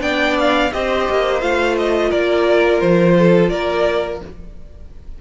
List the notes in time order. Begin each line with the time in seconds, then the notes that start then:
0.00 B3 D4 D5 G5
0.39 F5
0.72 C4 G4 C5 D#5
1.09 A#3
1.41 A3 F4 F5
1.77 D#5
2.10 A#3 A#4 D5
2.80 F3 C5
3.18 A4
3.49 A#3 A#4 D5